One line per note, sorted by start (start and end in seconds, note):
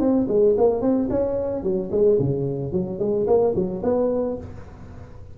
0.00 0.27 C4
0.28 0.55 G#3
0.57 0.81 A#3
0.81 1.08 C4
1.10 1.63 C#4
1.63 1.90 F#3
1.91 2.18 G#3
2.19 2.72 C#3
2.72 2.99 F#3
2.99 3.26 G#3
3.27 3.54 A#3
3.55 3.82 F#3
3.83 4.37 B3